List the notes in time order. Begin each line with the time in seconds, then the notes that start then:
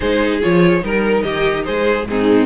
0.00 G#3 D#4 G#4 C5
0.41 F3 F4 C#5
0.81 G3 D#4 A#4
1.22 D#3 G4 D#5
1.64 G#3 G#4 C5
2.04 G#2 C4 D#4 G#4